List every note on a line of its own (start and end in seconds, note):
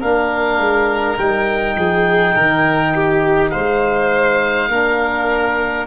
0.00 0.58 A#3
0.00 1.18 D4
0.00 1.76 A#4
0.00 1.18 F5
0.58 1.17 G#3
1.18 1.76 G3
1.18 4.71 D#4
1.18 3.50 G5
1.76 2.35 F3
1.76 2.35 G#4
2.35 3.54 D#3
2.35 2.94 A#4
2.95 3.51 G4
3.50 4.68 G#3
3.50 4.69 C5
3.50 5.86 F5
4.68 5.86 A#3
4.68 5.87 D4
4.68 5.87 A#4